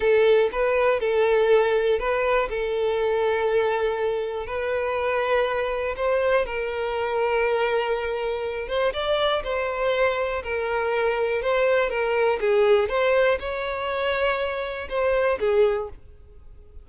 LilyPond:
\new Staff \with { instrumentName = "violin" } { \time 4/4 \tempo 4 = 121 a'4 b'4 a'2 | b'4 a'2.~ | a'4 b'2. | c''4 ais'2.~ |
ais'4. c''8 d''4 c''4~ | c''4 ais'2 c''4 | ais'4 gis'4 c''4 cis''4~ | cis''2 c''4 gis'4 | }